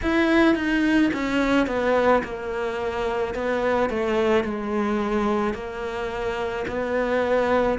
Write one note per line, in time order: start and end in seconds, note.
0.02 0.55 E4
0.55 1.11 D#4
1.13 1.67 C#4
1.67 2.22 B3
2.23 3.34 A#3
3.34 3.89 B3
3.89 4.44 A3
4.44 5.54 G#3
5.54 6.65 A#3
6.67 7.78 B3